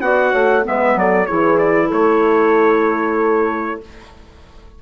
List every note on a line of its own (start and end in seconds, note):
0.00 0.32 B3
0.00 0.62 F#4
0.00 0.32 D5
0.00 0.64 F#5
0.32 0.65 A3
0.32 0.64 C#5
0.62 0.95 G#3
0.62 1.25 B3
0.62 0.98 E5
0.68 0.99 B4
0.95 1.27 F#3
0.95 1.28 A4
0.95 1.26 D5
1.26 1.91 E3
1.26 3.80 E4
1.26 1.87 G#4
1.26 1.57 C#5
1.58 1.90 D5
1.87 3.81 A3
1.87 3.76 A4
1.87 3.81 C#5